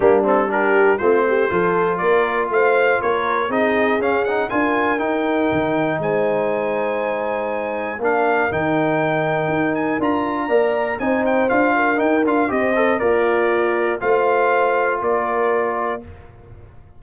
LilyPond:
<<
  \new Staff \with { instrumentName = "trumpet" } { \time 4/4 \tempo 4 = 120 g'8 a'8 ais'4 c''2 | d''4 f''4 cis''4 dis''4 | f''8 fis''8 gis''4 g''2 | gis''1 |
f''4 g''2~ g''8 gis''8 | ais''2 gis''8 g''8 f''4 | g''8 f''8 dis''4 d''2 | f''2 d''2 | }
  \new Staff \with { instrumentName = "horn" } { \time 4/4 d'4 g'4 f'8 g'8 a'4 | ais'4 c''4 ais'4 gis'4~ | gis'4 ais'2. | c''1 |
ais'1~ | ais'4 d''4 c''4. ais'8~ | ais'4 c''4 f'2 | c''2 ais'2 | }
  \new Staff \with { instrumentName = "trombone" } { \time 4/4 ais8 c'8 d'4 c'4 f'4~ | f'2. dis'4 | cis'8 dis'8 f'4 dis'2~ | dis'1 |
d'4 dis'2. | f'4 ais'4 dis'4 f'4 | dis'8 f'8 g'8 a'8 ais'2 | f'1 | }
  \new Staff \with { instrumentName = "tuba" } { \time 4/4 g2 a4 f4 | ais4 a4 ais4 c'4 | cis'4 d'4 dis'4 dis4 | gis1 |
ais4 dis2 dis'4 | d'4 ais4 c'4 d'4 | dis'8 d'8 c'4 ais2 | a2 ais2 | }
>>